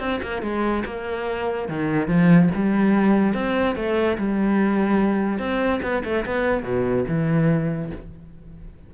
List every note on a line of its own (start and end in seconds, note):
0.00 0.21 C4
0.23 0.42 A#3
0.42 0.84 G#3
0.86 1.69 A#3
1.69 2.08 D#3
2.08 2.50 F3
2.55 3.34 G3
3.34 3.76 C4
3.76 4.18 A3
4.18 5.39 G3
5.39 5.81 C4
5.83 6.04 B3
6.05 6.26 A3
6.26 6.64 B3
6.64 7.05 B2
7.08 7.92 E3